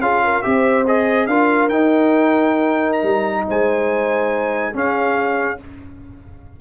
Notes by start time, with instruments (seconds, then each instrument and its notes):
0.00 tuba C#4, trombone F4, horn G#4, trumpet F5
0.24 horn A#4
0.42 tuba C4, trombone G4, horn C5, trumpet E5
0.87 trombone G#4, trumpet D#5
1.27 tuba D4, trombone F4, horn A#4, trumpet F5
1.69 tuba D#4, trombone D#4, trumpet G5
2.92 trumpet A#5
3.03 tuba G3
3.48 tuba G#3, horn C5, trumpet G#5
4.74 trombone C#4, tuba C#4, horn G#4, trumpet F5